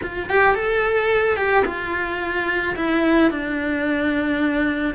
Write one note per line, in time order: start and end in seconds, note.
0.03 0.29 F4
0.29 0.55 G4
0.55 1.36 A4
1.36 1.64 G4
1.65 2.75 F4
2.76 3.30 E4
3.30 4.94 D4